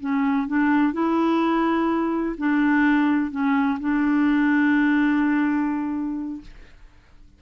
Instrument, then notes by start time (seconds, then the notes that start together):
clarinet
0.00 C#4
0.47 D4
0.93 E4
2.37 D4
3.31 C#4
3.79 D4